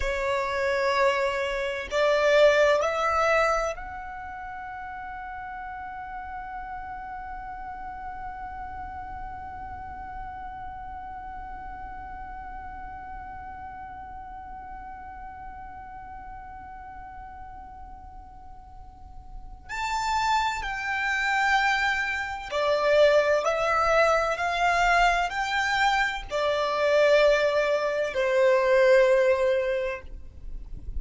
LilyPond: \new Staff \with { instrumentName = "violin" } { \time 4/4 \tempo 4 = 64 cis''2 d''4 e''4 | fis''1~ | fis''1~ | fis''1~ |
fis''1~ | fis''4 a''4 g''2 | d''4 e''4 f''4 g''4 | d''2 c''2 | }